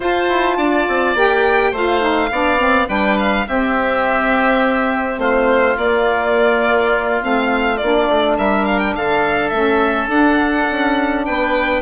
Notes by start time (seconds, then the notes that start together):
0.00 F4 C5 A5
0.28 E4
0.57 D4 D5
0.88 C4
1.14 A#3 G4 G5
1.71 A3 F4 C5 F5
2.00 D#4
2.31 B3 D4 D5
2.59 C4
2.87 G3 D4 B4 G5
3.18 F5
3.46 C4 G4 E5
5.18 A3 F4 C5
5.77 A#3 D5
7.20 A3 C4 F5
7.77 A#3 D4 D5
8.08 A3
8.37 G3 A#4 E5
8.65 F5
8.78 G5
8.95 D3 A4 F5
9.49 A3 C#4 E5
10.07 D4 F#5
10.69 C#4
11.25 B3 B4 G5